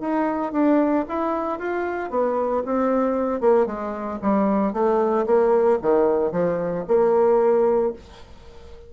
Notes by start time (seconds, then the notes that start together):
0.00 D#4
0.52 D4
1.08 E4
1.59 F4
2.10 B3
2.65 C4
3.41 A#3
3.66 G#3
4.22 G3
4.73 A3
5.26 A#3
5.82 D#3
6.32 F3
6.88 A#3